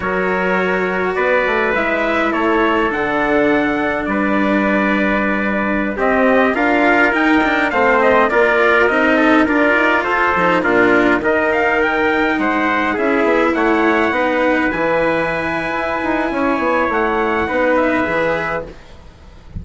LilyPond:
<<
  \new Staff \with { instrumentName = "trumpet" } { \time 4/4 \tempo 4 = 103 cis''2 d''4 e''4 | cis''4 fis''2 d''4~ | d''2~ d''16 dis''4 f''8.~ | f''16 g''4 f''8 dis''8 d''4 dis''8.~ |
dis''16 d''4 c''4 ais'4 dis''8 f''16~ | f''16 g''4 fis''4 e''4 fis''8.~ | fis''4~ fis''16 gis''2~ gis''8.~ | gis''4 fis''4. e''4. | }
  \new Staff \with { instrumentName = "trumpet" } { \time 4/4 ais'2 b'2 | a'2. b'4~ | b'2~ b'16 g'4 ais'8.~ | ais'4~ ais'16 c''4 ais'4. a'16~ |
a'16 ais'4 a'4 f'4 ais'8.~ | ais'4~ ais'16 c''4 gis'4 cis''8.~ | cis''16 b'2.~ b'8. | cis''2 b'2 | }
  \new Staff \with { instrumentName = "cello" } { \time 4/4 fis'2. e'4~ | e'4 d'2.~ | d'2~ d'16 c'4 f'8.~ | f'16 dis'8 d'8 c'4 f'4 dis'8.~ |
dis'16 f'4. dis'8 d'4 dis'8.~ | dis'2~ dis'16 e'4.~ e'16~ | e'16 dis'4 e'2~ e'8.~ | e'2 dis'4 gis'4 | }
  \new Staff \with { instrumentName = "bassoon" } { \time 4/4 fis2 b8 a8 gis4 | a4 d2 g4~ | g2~ g16 c'4 d'8.~ | d'16 dis'4 a4 ais4 c'8.~ |
c'16 d'8 dis'8 f'8 f8 ais,4 dis8.~ | dis4~ dis16 gis4 cis'8 b8 a8.~ | a16 b4 e4.~ e16 e'8 dis'8 | cis'8 b8 a4 b4 e4 | }
>>